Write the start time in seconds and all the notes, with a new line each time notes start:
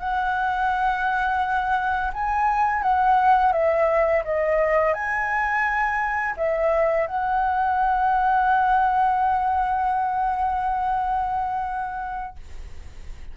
0.00 F#5
2.13 G#5
2.82 F#5
3.53 E5
4.24 D#5
4.93 G#5
6.37 E5
7.07 F#5